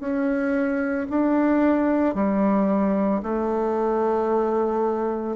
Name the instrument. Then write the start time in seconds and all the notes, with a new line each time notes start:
bassoon
0.00 C#4
1.10 D4
2.15 G3
3.23 A3